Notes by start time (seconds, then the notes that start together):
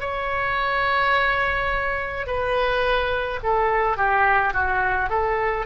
0.00 C#5
2.26 B4
3.43 A4
3.97 G4
4.53 F#4
5.09 A4